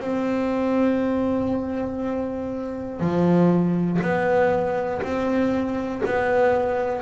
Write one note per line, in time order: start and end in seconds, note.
0.00 3.00 C4
3.00 4.00 F3
4.01 5.01 B3
5.02 6.02 C4
6.05 7.02 B3